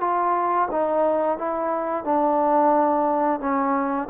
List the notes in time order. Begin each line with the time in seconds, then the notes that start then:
0.00 F4
0.71 D#4
1.38 E4
2.04 D4
3.40 C#4